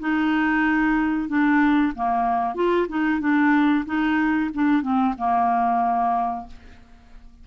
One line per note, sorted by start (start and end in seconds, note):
0.00 1.29 D#4
1.29 1.93 D4
1.96 2.55 A#3
2.55 2.87 F4
2.89 3.21 D#4
3.21 3.85 D4
3.86 4.50 D#4
4.54 4.82 D4
4.82 5.14 C4
5.18 6.47 A#3